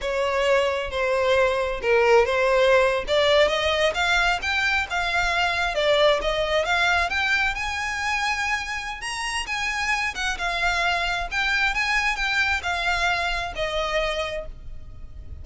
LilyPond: \new Staff \with { instrumentName = "violin" } { \time 4/4 \tempo 4 = 133 cis''2 c''2 | ais'4 c''4.~ c''16 d''4 dis''16~ | dis''8. f''4 g''4 f''4~ f''16~ | f''8. d''4 dis''4 f''4 g''16~ |
g''8. gis''2.~ gis''16 | ais''4 gis''4. fis''8 f''4~ | f''4 g''4 gis''4 g''4 | f''2 dis''2 | }